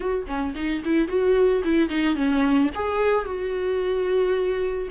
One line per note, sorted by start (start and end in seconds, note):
0.00 0.26 F#4
0.26 0.54 C#4
0.55 0.82 D#4
0.85 1.08 E4
1.08 1.62 F#4
1.64 1.89 E4
1.89 2.15 D#4
2.15 2.70 C#4
2.74 3.25 G#4
3.25 4.88 F#4